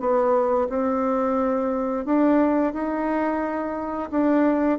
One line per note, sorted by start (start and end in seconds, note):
0.00 0.68 B3
0.69 2.05 C4
2.05 2.73 D4
2.73 4.10 D#4
4.11 4.79 D4